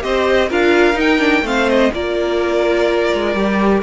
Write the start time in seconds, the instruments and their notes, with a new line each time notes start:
0.00 cello C4, viola G4, violin C5 D#5
0.48 cello D4, viola F4, violin A#4 F5
0.94 cello D#4, viola D#4, violin G5
1.18 viola D4
1.41 cello A3, viola C4, violin C5 F5
1.69 violin D#5
1.93 cello A#3, viola F4, violin A#4 D5
3.13 cello G#3
3.34 cello G3, viola G4